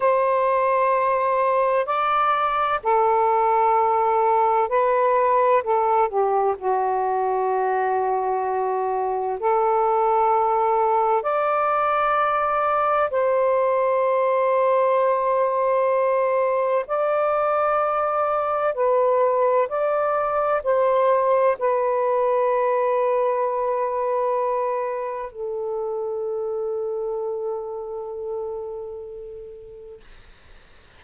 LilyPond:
\new Staff \with { instrumentName = "saxophone" } { \time 4/4 \tempo 4 = 64 c''2 d''4 a'4~ | a'4 b'4 a'8 g'8 fis'4~ | fis'2 a'2 | d''2 c''2~ |
c''2 d''2 | b'4 d''4 c''4 b'4~ | b'2. a'4~ | a'1 | }